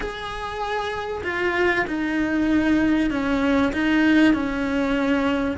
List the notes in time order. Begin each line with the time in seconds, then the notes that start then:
0.00 G#4
1.23 F4
1.87 D#4
3.10 C#4
3.73 D#4
4.33 C#4